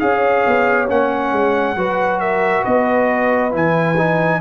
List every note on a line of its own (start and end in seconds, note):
0.00 0.46 C#4
0.00 0.88 G#4
0.00 1.77 C#5
0.00 0.88 F5
0.47 0.90 B3
0.88 1.32 A#3
0.88 1.76 C#4
0.88 2.20 F#5
1.32 1.76 G#3
1.76 2.64 F#3
1.76 3.52 F#4
1.76 2.21 B4
2.20 2.63 A#4
2.20 2.65 E5
2.63 3.55 B3
2.63 4.40 B4
2.63 3.53 D#5
3.52 4.41 E3
3.52 3.96 E4
3.52 4.41 G#5
3.98 4.41 D#4